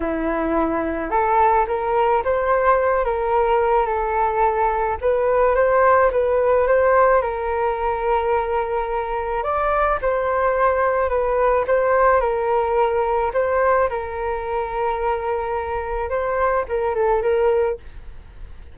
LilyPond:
\new Staff \with { instrumentName = "flute" } { \time 4/4 \tempo 4 = 108 e'2 a'4 ais'4 | c''4. ais'4. a'4~ | a'4 b'4 c''4 b'4 | c''4 ais'2.~ |
ais'4 d''4 c''2 | b'4 c''4 ais'2 | c''4 ais'2.~ | ais'4 c''4 ais'8 a'8 ais'4 | }